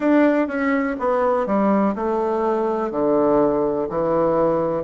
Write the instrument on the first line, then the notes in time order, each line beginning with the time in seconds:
bassoon
0.00 D4
0.48 C#4
0.99 B3
1.46 G3
1.95 A3
2.91 D3
3.89 E3